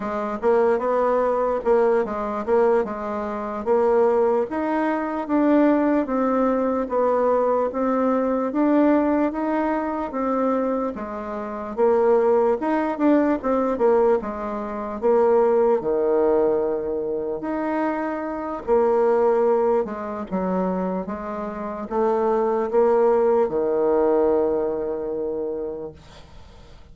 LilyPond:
\new Staff \with { instrumentName = "bassoon" } { \time 4/4 \tempo 4 = 74 gis8 ais8 b4 ais8 gis8 ais8 gis8~ | gis8 ais4 dis'4 d'4 c'8~ | c'8 b4 c'4 d'4 dis'8~ | dis'8 c'4 gis4 ais4 dis'8 |
d'8 c'8 ais8 gis4 ais4 dis8~ | dis4. dis'4. ais4~ | ais8 gis8 fis4 gis4 a4 | ais4 dis2. | }